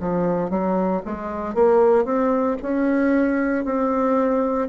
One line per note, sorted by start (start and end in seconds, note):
0.00 0.50 F3
0.50 1.02 F#3
1.05 1.54 G#3
1.54 2.05 A#3
2.05 2.56 C4
2.62 3.64 C#4
3.64 4.68 C4